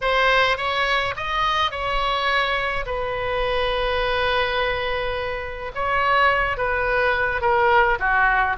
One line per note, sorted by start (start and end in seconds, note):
0.01 0.57 C5
0.57 1.14 C#5
1.16 1.71 D#5
1.71 2.85 C#5
2.86 5.71 B4
5.74 6.57 C#5
6.57 7.41 B4
7.41 7.98 A#4
7.99 8.56 F#4